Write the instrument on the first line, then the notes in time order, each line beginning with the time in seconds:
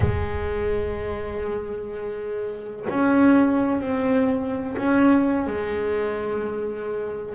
double bass
0.00 G#3
2.89 C#4
3.81 C4
4.77 C#4
5.46 G#3